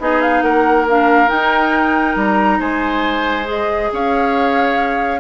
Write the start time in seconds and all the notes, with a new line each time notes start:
0.00 B3 D#4 G#4 D#5
0.22 F5
0.43 A#3 A#4 F#5
0.89 D4 F5
1.27 D#4 G5
2.16 G3 A#5
2.60 G#3 C5 G#5
3.45 G#4 D#5
3.92 C#4 C#5 F5